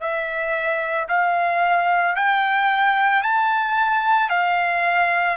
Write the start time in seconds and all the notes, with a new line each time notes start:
0.00 E5
1.08 F5
2.15 G5
3.22 A5
4.30 F5